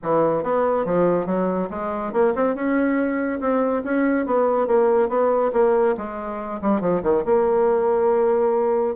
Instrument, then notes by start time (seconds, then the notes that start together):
bassoon
0.02 E3
0.43 B3
0.85 F3
1.26 F#3
1.70 G#3
2.12 A#3
2.35 C4
2.55 C#4
3.40 C4
3.84 C#4
4.26 B3
4.67 A#3
5.09 B3
5.53 A#3
5.97 G#3
6.61 G3
6.80 F3
7.02 D#3
7.25 A#3